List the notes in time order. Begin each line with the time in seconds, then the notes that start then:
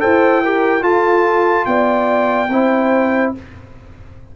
0.00 E4 A4 C5 G5
0.43 G4 A#4
0.81 F4 A4 A5
1.66 B3 D5 G5
2.49 C4 E4 C5